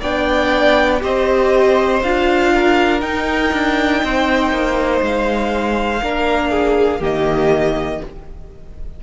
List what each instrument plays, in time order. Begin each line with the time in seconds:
0.00 cello B3, viola D4, violin D5 G5
1.00 cello C4, viola G4, violin C5 D#5
2.03 cello D4, viola F4, violin F5
2.54 violin A#4
3.01 viola D#4, cello D#4, violin G5
3.53 cello D4
4.04 cello C4, violin C5
4.51 cello A#3
5.02 cello G#3, violin F5
6.03 cello A#3, viola D4, violin A#4
6.51 violin G#4
7.00 cello D#3, viola A#3, violin G4 D#5